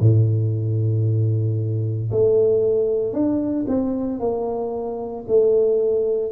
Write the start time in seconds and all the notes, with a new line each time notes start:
0.00 A2
2.11 A3
3.13 D4
3.67 C4
4.20 A#3
5.28 A3